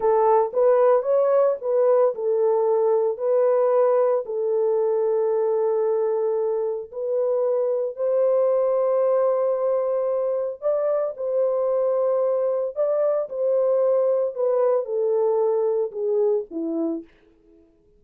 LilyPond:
\new Staff \with { instrumentName = "horn" } { \time 4/4 \tempo 4 = 113 a'4 b'4 cis''4 b'4 | a'2 b'2 | a'1~ | a'4 b'2 c''4~ |
c''1 | d''4 c''2. | d''4 c''2 b'4 | a'2 gis'4 e'4 | }